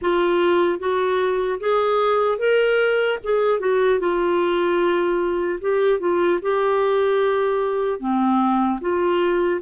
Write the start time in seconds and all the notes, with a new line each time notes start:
0.01 F4
0.79 F#4
1.60 G#4
2.38 A#4
3.23 G#4
3.59 F#4
3.99 F4
5.60 G4
5.99 F4
6.41 G4
7.99 C4
8.80 F4